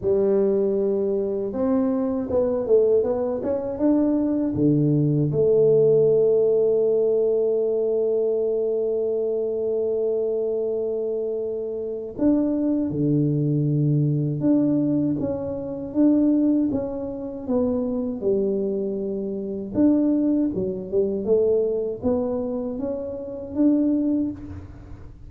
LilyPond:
\new Staff \with { instrumentName = "tuba" } { \time 4/4 \tempo 4 = 79 g2 c'4 b8 a8 | b8 cis'8 d'4 d4 a4~ | a1~ | a1 |
d'4 d2 d'4 | cis'4 d'4 cis'4 b4 | g2 d'4 fis8 g8 | a4 b4 cis'4 d'4 | }